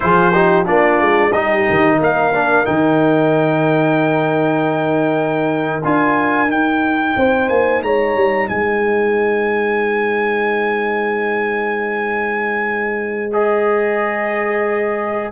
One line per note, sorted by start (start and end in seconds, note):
0.00 0.68 F3
0.00 0.32 F4
0.00 0.32 G#4
0.00 0.66 C5
0.32 0.65 D#4
0.32 0.65 G4
0.65 1.01 A#3
0.65 1.31 D4
0.65 1.31 F4
0.65 1.32 D5
1.01 1.33 G#3
1.32 1.66 G3
1.32 2.33 D#4
1.32 1.97 G4
1.32 1.99 D#5
1.70 1.99 D#3
1.97 2.66 A#3
1.97 7.14 A#4
1.97 2.65 F5
2.33 2.65 D4
2.65 5.83 D#3
2.65 5.82 D#4
2.65 5.82 G5
5.83 6.48 D4
5.83 6.47 F4
5.83 6.51 G#5
6.47 13.30 D#4
6.47 7.15 D#4
6.47 7.48 G5
7.16 7.49 C4
7.16 7.84 C5
7.48 7.82 A#3
7.48 7.82 G#5
7.82 8.15 G#3
7.82 8.50 C#5
7.82 8.48 A#5
8.15 8.48 G3
8.48 15.32 G#3
8.48 15.32 C5
8.48 13.32 G#5
13.32 15.32 G#4
13.32 15.32 D#5